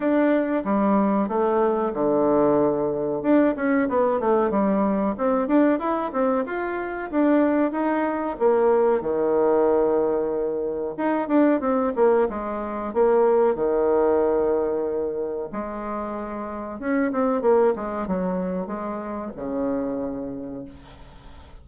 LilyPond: \new Staff \with { instrumentName = "bassoon" } { \time 4/4 \tempo 4 = 93 d'4 g4 a4 d4~ | d4 d'8 cis'8 b8 a8 g4 | c'8 d'8 e'8 c'8 f'4 d'4 | dis'4 ais4 dis2~ |
dis4 dis'8 d'8 c'8 ais8 gis4 | ais4 dis2. | gis2 cis'8 c'8 ais8 gis8 | fis4 gis4 cis2 | }